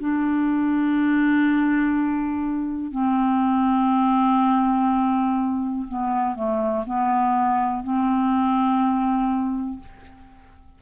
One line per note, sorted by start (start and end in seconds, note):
0.00 2.92 D4
2.92 5.87 C4
5.88 6.36 B3
6.36 6.85 A3
6.87 7.84 B3
7.84 9.80 C4